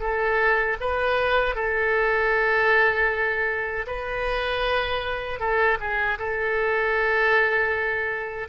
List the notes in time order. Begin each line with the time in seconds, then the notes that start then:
0.00 A4
0.80 B4
1.55 A4
3.87 B4
5.40 A4
5.80 G#4
6.19 A4